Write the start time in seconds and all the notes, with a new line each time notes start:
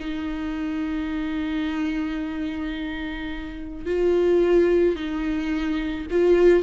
0.00 D#4
3.86 F4
4.96 D#4
6.11 F4